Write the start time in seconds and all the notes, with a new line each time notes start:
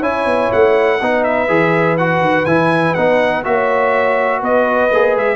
0.00 C#4 E4 C#5 G#5
0.26 B3
0.52 A3 F#5
1.01 B3 D#4 B4
1.24 E5
1.48 E3 G#4
1.97 F#4 F#5
2.21 D#3
2.46 E3 E4 G#5
2.95 B3 D#4 F#5
3.44 A#3 F#4 C#5 E5
4.40 B3 B4 D#5
4.91 A#3 G#4
5.16 G#3 E5